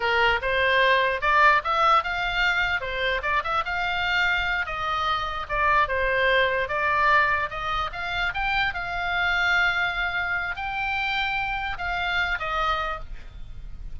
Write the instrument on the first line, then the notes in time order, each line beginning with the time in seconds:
oboe
0.00 A#4
0.41 C5
1.21 D5
1.64 E5
2.03 F5
2.81 C5
3.22 D5
3.43 E5
3.65 F5
4.65 D#5
5.49 D5
5.88 C5
6.68 D5
7.49 D#5
7.92 F5
8.34 G5
8.74 F5
10.56 G5
11.78 F5
12.39 D#5